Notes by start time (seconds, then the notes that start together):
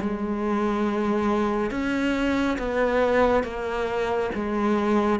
0.00 G#3
1.71 C#4
2.58 B3
3.43 A#3
4.35 G#3